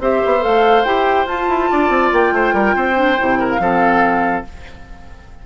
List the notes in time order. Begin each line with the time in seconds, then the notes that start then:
0.00 C4 G4 C5 E5
0.26 B3
0.40 A3 A4 F5
0.85 E4 G4 G5
1.26 F4 A5
1.49 E4
1.71 D4 D5
1.90 C4
2.13 A#3 G5
2.32 A3 C5
2.54 G3 A#4
2.76 C4 C5
2.95 D4
3.18 C3 E4
3.39 A#4
3.49 F5
3.60 F3 C4 A4